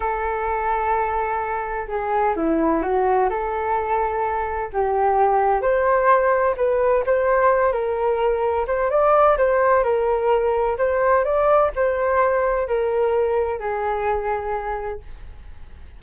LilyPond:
\new Staff \with { instrumentName = "flute" } { \time 4/4 \tempo 4 = 128 a'1 | gis'4 e'4 fis'4 a'4~ | a'2 g'2 | c''2 b'4 c''4~ |
c''8 ais'2 c''8 d''4 | c''4 ais'2 c''4 | d''4 c''2 ais'4~ | ais'4 gis'2. | }